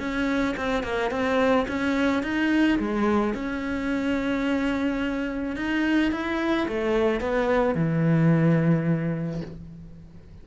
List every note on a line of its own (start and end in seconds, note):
0.00 0.56 C#4
0.57 0.83 C4
0.83 1.11 A#3
1.11 1.67 C4
1.68 2.23 C#4
2.23 2.79 D#4
2.79 3.34 G#3
3.34 5.56 C#4
5.56 6.12 D#4
6.12 6.67 E4
6.68 7.21 A3
7.21 7.75 B3
7.75 9.42 E3